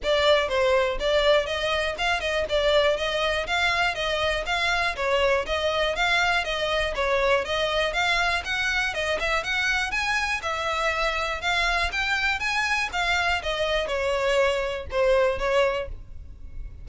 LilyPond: \new Staff \with { instrumentName = "violin" } { \time 4/4 \tempo 4 = 121 d''4 c''4 d''4 dis''4 | f''8 dis''8 d''4 dis''4 f''4 | dis''4 f''4 cis''4 dis''4 | f''4 dis''4 cis''4 dis''4 |
f''4 fis''4 dis''8 e''8 fis''4 | gis''4 e''2 f''4 | g''4 gis''4 f''4 dis''4 | cis''2 c''4 cis''4 | }